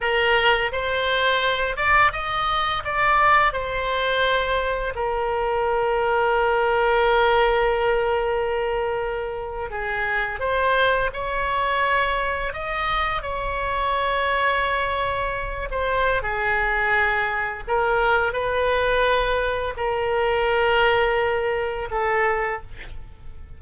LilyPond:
\new Staff \with { instrumentName = "oboe" } { \time 4/4 \tempo 4 = 85 ais'4 c''4. d''8 dis''4 | d''4 c''2 ais'4~ | ais'1~ | ais'4.~ ais'16 gis'4 c''4 cis''16~ |
cis''4.~ cis''16 dis''4 cis''4~ cis''16~ | cis''2~ cis''16 c''8. gis'4~ | gis'4 ais'4 b'2 | ais'2. a'4 | }